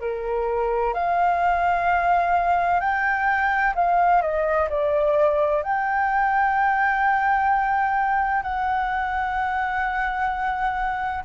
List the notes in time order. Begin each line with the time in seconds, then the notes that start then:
0.00 A#4
0.94 F5
2.80 G5
3.75 F5
4.21 D#5
4.69 D5
5.62 G5
8.42 F#5